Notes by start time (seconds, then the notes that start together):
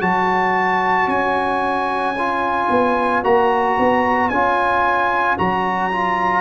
0.00 F#3 F#4 C#5 A5
1.07 C#4 G#5
2.18 F4
2.69 B3
3.23 A#3 F#4 A#5
3.78 B3
4.29 C#4 F4 G#5
5.37 F#3 F#4 A#5
5.91 F4